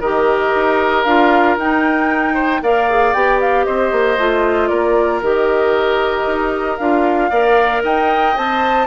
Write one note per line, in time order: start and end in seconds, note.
0.00 0.52 D#3
0.00 1.07 G4
0.00 2.34 A#4
0.00 1.03 D#5
0.55 1.05 D#4
1.03 1.57 D4
1.03 1.59 F4
1.03 1.56 F5
1.57 2.61 D#4
1.57 2.63 D#4
1.57 2.63 G5
2.34 2.60 C5
2.62 3.14 A#3
2.62 2.90 A#4
2.62 3.66 D5
2.62 3.13 F5
2.90 3.15 G#4
3.13 3.66 B3
3.13 4.18 G4
3.13 3.39 G5
3.40 3.64 F5
3.64 3.92 C4
3.64 4.70 C5
3.64 4.67 D#5
3.92 4.18 A#3
4.18 4.70 A3
4.18 5.22 F4
4.67 5.22 A#3
4.67 7.30 A#4
4.67 5.19 D5
5.22 6.26 D#3
5.22 6.79 G4
5.22 6.77 D#5
6.26 6.78 D#4
6.77 7.31 D4
6.77 7.31 F4
6.77 7.82 F5
7.30 7.83 A#3
7.30 8.35 A#4
7.30 7.82 D5
7.84 8.36 D#4
7.84 8.86 D#5
7.84 8.37 G5
8.36 8.86 C4
8.36 8.86 C5
8.36 8.86 A5